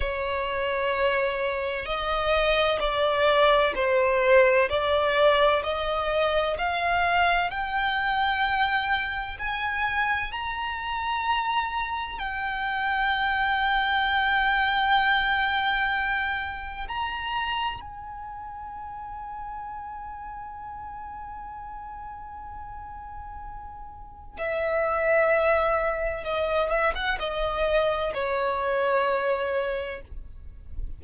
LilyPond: \new Staff \with { instrumentName = "violin" } { \time 4/4 \tempo 4 = 64 cis''2 dis''4 d''4 | c''4 d''4 dis''4 f''4 | g''2 gis''4 ais''4~ | ais''4 g''2.~ |
g''2 ais''4 gis''4~ | gis''1~ | gis''2 e''2 | dis''8 e''16 fis''16 dis''4 cis''2 | }